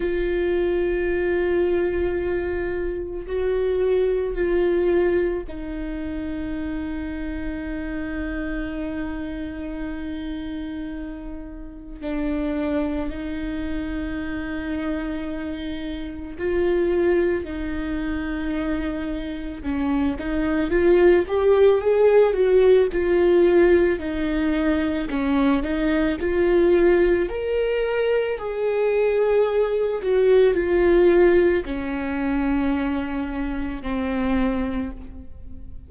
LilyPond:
\new Staff \with { instrumentName = "viola" } { \time 4/4 \tempo 4 = 55 f'2. fis'4 | f'4 dis'2.~ | dis'2. d'4 | dis'2. f'4 |
dis'2 cis'8 dis'8 f'8 g'8 | gis'8 fis'8 f'4 dis'4 cis'8 dis'8 | f'4 ais'4 gis'4. fis'8 | f'4 cis'2 c'4 | }